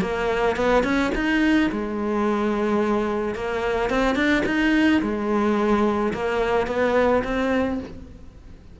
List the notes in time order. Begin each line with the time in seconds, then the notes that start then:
0.00 A#3
0.56 B3
0.83 C#4
1.15 D#4
1.71 G#3
3.34 A#3
3.89 C4
4.15 D4
4.45 D#4
5.02 G#3
6.13 A#3
6.67 B3
7.23 C4